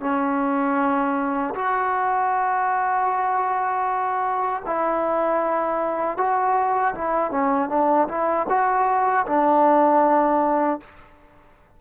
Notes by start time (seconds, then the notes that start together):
0.00 C#4
1.55 F#4
4.66 E4
6.17 F#4
6.94 E4
7.31 C#4
7.69 D4
8.08 E4
8.49 F#4
9.26 D4